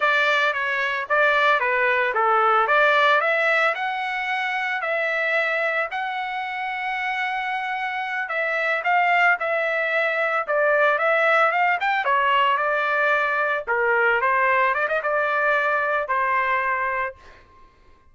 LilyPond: \new Staff \with { instrumentName = "trumpet" } { \time 4/4 \tempo 4 = 112 d''4 cis''4 d''4 b'4 | a'4 d''4 e''4 fis''4~ | fis''4 e''2 fis''4~ | fis''2.~ fis''8 e''8~ |
e''8 f''4 e''2 d''8~ | d''8 e''4 f''8 g''8 cis''4 d''8~ | d''4. ais'4 c''4 d''16 dis''16 | d''2 c''2 | }